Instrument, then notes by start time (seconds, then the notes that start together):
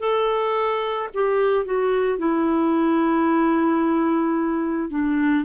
clarinet
0.00 A4
1.14 G4
1.66 F#4
2.19 E4
4.90 D4